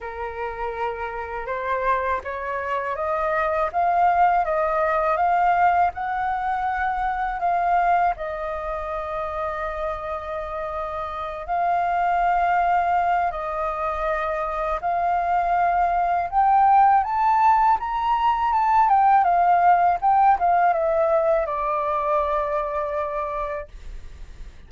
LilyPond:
\new Staff \with { instrumentName = "flute" } { \time 4/4 \tempo 4 = 81 ais'2 c''4 cis''4 | dis''4 f''4 dis''4 f''4 | fis''2 f''4 dis''4~ | dis''2.~ dis''8 f''8~ |
f''2 dis''2 | f''2 g''4 a''4 | ais''4 a''8 g''8 f''4 g''8 f''8 | e''4 d''2. | }